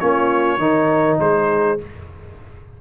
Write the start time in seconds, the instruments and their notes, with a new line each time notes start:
0.00 tuba A#3, trombone C#4, horn F4, trumpet C#5
0.58 tuba D#3, trombone D#4, horn A#4
1.19 tuba G#3, horn G#4, trumpet C5